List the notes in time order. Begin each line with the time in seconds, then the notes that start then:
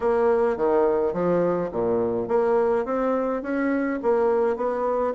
0.00 A#3
0.56 D#3
1.13 F3
1.71 A#2
2.28 A#3
2.85 C4
3.42 C#4
4.02 A#3
4.56 B3